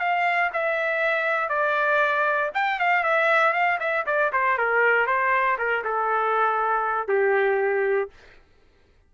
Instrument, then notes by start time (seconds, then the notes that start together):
trumpet
0.00 F5
0.53 E5
1.49 D5
2.55 G5
2.80 F5
3.04 E5
3.53 F5
3.80 E5
4.07 D5
4.33 C5
4.58 A#4
5.07 C5
5.59 A#4
5.84 A4
7.08 G4